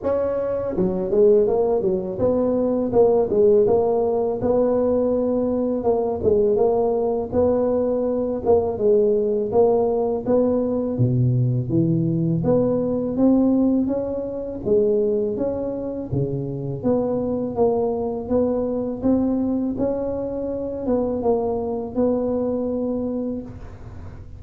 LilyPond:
\new Staff \with { instrumentName = "tuba" } { \time 4/4 \tempo 4 = 82 cis'4 fis8 gis8 ais8 fis8 b4 | ais8 gis8 ais4 b2 | ais8 gis8 ais4 b4. ais8 | gis4 ais4 b4 b,4 |
e4 b4 c'4 cis'4 | gis4 cis'4 cis4 b4 | ais4 b4 c'4 cis'4~ | cis'8 b8 ais4 b2 | }